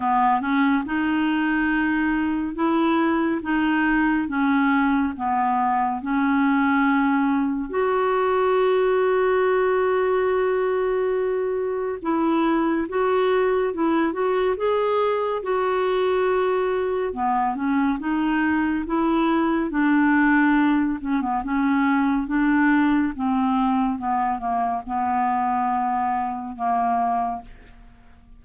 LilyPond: \new Staff \with { instrumentName = "clarinet" } { \time 4/4 \tempo 4 = 70 b8 cis'8 dis'2 e'4 | dis'4 cis'4 b4 cis'4~ | cis'4 fis'2.~ | fis'2 e'4 fis'4 |
e'8 fis'8 gis'4 fis'2 | b8 cis'8 dis'4 e'4 d'4~ | d'8 cis'16 b16 cis'4 d'4 c'4 | b8 ais8 b2 ais4 | }